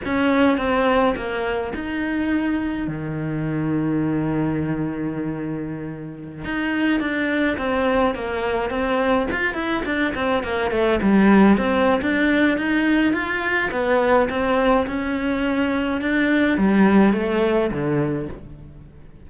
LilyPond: \new Staff \with { instrumentName = "cello" } { \time 4/4 \tempo 4 = 105 cis'4 c'4 ais4 dis'4~ | dis'4 dis2.~ | dis2.~ dis16 dis'8.~ | dis'16 d'4 c'4 ais4 c'8.~ |
c'16 f'8 e'8 d'8 c'8 ais8 a8 g8.~ | g16 c'8. d'4 dis'4 f'4 | b4 c'4 cis'2 | d'4 g4 a4 d4 | }